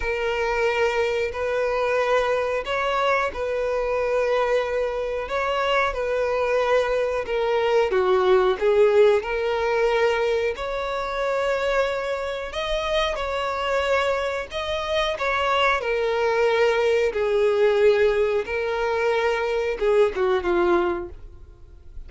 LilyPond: \new Staff \with { instrumentName = "violin" } { \time 4/4 \tempo 4 = 91 ais'2 b'2 | cis''4 b'2. | cis''4 b'2 ais'4 | fis'4 gis'4 ais'2 |
cis''2. dis''4 | cis''2 dis''4 cis''4 | ais'2 gis'2 | ais'2 gis'8 fis'8 f'4 | }